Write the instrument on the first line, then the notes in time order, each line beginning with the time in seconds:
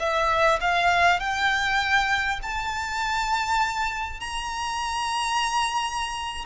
violin
0.00 E5
0.61 F5
1.20 G5
2.43 A5
4.21 A#5